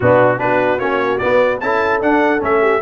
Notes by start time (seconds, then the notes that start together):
0.00 B2 B3 D4 F#4
0.38 B3 D4 F#4 B4
0.78 A#3 C#4 C#5
1.17 B3 D5
1.60 C#4 E4 A4 A5
2.01 D4 F#5
2.40 A3 C#4 E5
2.61 G4